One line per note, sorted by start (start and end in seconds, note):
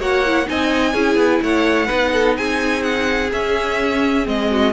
0.00 0.47 A#3
0.00 0.24 F#4
0.00 0.47 C#5
0.00 0.49 F#5
0.26 0.46 E4
0.46 0.94 C4
0.46 0.94 D#4
0.46 0.94 D#5
0.46 1.43 G#5
0.94 1.16 C#4
0.94 1.87 E4
0.94 1.41 G#4
1.16 1.40 B3
1.43 1.90 A3
1.43 1.87 C#5
1.43 2.37 F#5
1.87 2.38 B3
1.87 3.29 D#4
1.87 2.10 B4
2.13 2.37 A4
2.37 3.33 C4
2.37 4.50 G#4
2.37 2.83 G#5
2.83 3.31 F#5
3.33 4.24 C#4
3.33 4.28 C#4
3.33 4.28 E5
4.24 4.74 G#3
4.24 4.71 C4
4.24 4.74 D#5
4.51 4.74 F#4